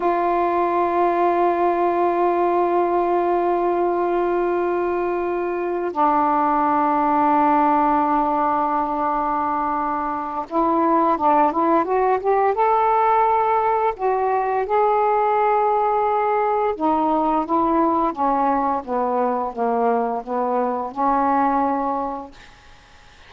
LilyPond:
\new Staff \with { instrumentName = "saxophone" } { \time 4/4 \tempo 4 = 86 f'1~ | f'1~ | f'8 d'2.~ d'8~ | d'2. e'4 |
d'8 e'8 fis'8 g'8 a'2 | fis'4 gis'2. | dis'4 e'4 cis'4 b4 | ais4 b4 cis'2 | }